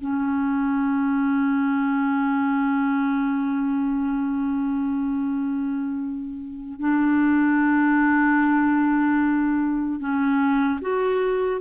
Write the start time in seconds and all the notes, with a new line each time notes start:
0.00 C#4
6.79 D4
9.99 C#4
10.81 F#4